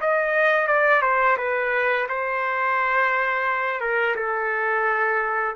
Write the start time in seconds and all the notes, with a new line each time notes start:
0.00 D#5
0.67 D5
1.01 C5
1.37 B4
2.08 C5
3.80 A#4
4.15 A4